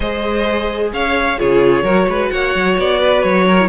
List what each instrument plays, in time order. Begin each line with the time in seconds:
0.00 cello G#3, viola G#4, violin C5 D#5
0.92 cello C#4, violin C#5 F5
1.38 cello C#3, viola F4, violin G#4 C#5
1.82 cello F#3, viola F#4, violin A#4
2.07 cello G#3, violin B4
2.29 cello A#3, violin C#5 F#5
2.54 cello F#3
2.78 cello B3, violin D5
2.99 violin B4
3.23 cello F#3, violin C#5
3.47 violin A#4
3.59 viola E4